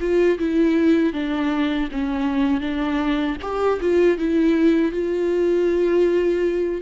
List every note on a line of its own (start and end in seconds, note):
0.00 0.38 F4
0.39 1.13 E4
1.13 1.89 D4
1.91 2.61 C#4
2.61 3.37 D4
3.42 3.80 G4
3.80 4.18 F4
4.18 4.92 E4
4.92 6.82 F4